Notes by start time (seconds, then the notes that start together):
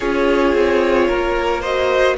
0.00 C#4 F4 G#4 C#5
0.54 C4
1.08 A#3 A#4
1.61 F#4 C5 D#5